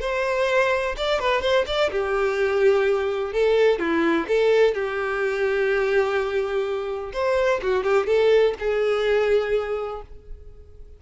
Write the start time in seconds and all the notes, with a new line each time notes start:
0.00 C5
0.97 D5
1.19 B4
1.41 C5
1.66 D5
1.91 G4
3.32 A4
3.79 E4
4.27 A4
4.74 G4
7.13 C5
7.63 F#4
7.83 G4
8.06 A4
8.59 G#4